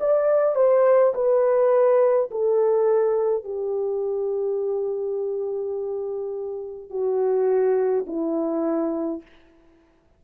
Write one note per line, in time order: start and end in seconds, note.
0.00 0.55 D5
0.55 1.13 C5
1.14 2.30 B4
2.30 3.44 A4
3.44 6.90 G4
6.90 8.05 F#4
8.07 9.22 E4